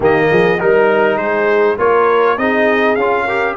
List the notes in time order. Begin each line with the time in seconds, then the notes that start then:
0.00 D#3 A#3 G4 D#5
0.31 F3 G#4
0.59 G3 D#4 A#4
1.16 G#3 G#4 C5
1.77 A#3 F4 A#4 C#5
2.37 C4 D#4 G#4 D#5
2.95 C#4 F4 F5
3.24 G4 A#4